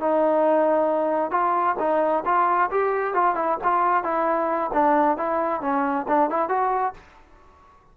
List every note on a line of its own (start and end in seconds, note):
0.00 1.31 D#4
1.31 1.76 F4
1.79 2.24 D#4
2.25 2.70 F4
2.71 3.14 G4
3.14 3.35 F4
3.35 3.58 E4
3.64 4.04 F4
4.04 4.71 E4
4.73 5.17 D4
5.17 5.61 E4
5.61 6.06 C#4
6.08 6.30 D4
6.30 6.49 E4
6.49 6.94 F#4